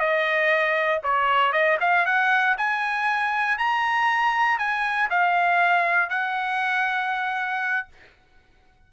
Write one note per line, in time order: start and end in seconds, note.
0.00 1.02 D#5
1.04 1.53 C#5
1.53 1.78 D#5
1.81 2.06 F5
2.06 2.57 F#5
2.58 3.58 G#5
3.58 4.59 A#5
4.59 5.10 G#5
5.11 6.10 F5
6.10 7.88 F#5